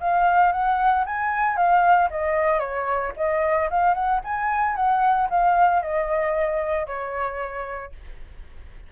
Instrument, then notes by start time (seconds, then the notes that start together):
flute
0.00 F5
0.52 F#5
1.05 G#5
1.56 F5
2.10 D#5
2.59 C#5
3.16 D#5
3.70 F5
3.94 F#5
4.24 G#5
4.76 F#5
5.29 F5
5.82 D#5
6.86 C#5